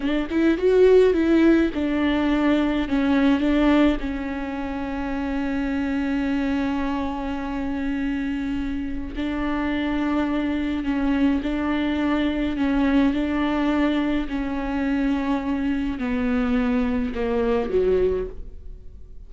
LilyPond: \new Staff \with { instrumentName = "viola" } { \time 4/4 \tempo 4 = 105 d'8 e'8 fis'4 e'4 d'4~ | d'4 cis'4 d'4 cis'4~ | cis'1~ | cis'1 |
d'2. cis'4 | d'2 cis'4 d'4~ | d'4 cis'2. | b2 ais4 fis4 | }